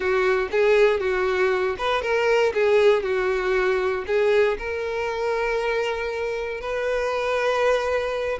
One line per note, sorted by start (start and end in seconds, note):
0.00 0.49 F#4
0.51 1.00 G#4
1.00 1.76 F#4
1.78 2.02 B4
2.02 2.53 A#4
2.54 3.03 G#4
3.03 4.04 F#4
4.06 4.57 G#4
4.58 6.61 A#4
6.61 8.39 B4